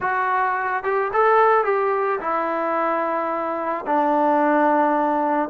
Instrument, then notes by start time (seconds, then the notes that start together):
trombone
0.01 F#4
0.83 G4
1.13 A4
1.64 G4
2.20 E4
3.86 D4